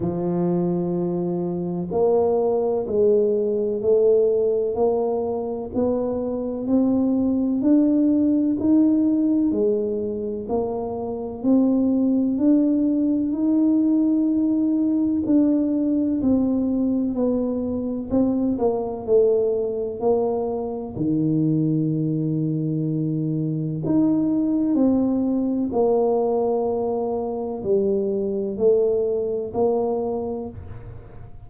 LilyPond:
\new Staff \with { instrumentName = "tuba" } { \time 4/4 \tempo 4 = 63 f2 ais4 gis4 | a4 ais4 b4 c'4 | d'4 dis'4 gis4 ais4 | c'4 d'4 dis'2 |
d'4 c'4 b4 c'8 ais8 | a4 ais4 dis2~ | dis4 dis'4 c'4 ais4~ | ais4 g4 a4 ais4 | }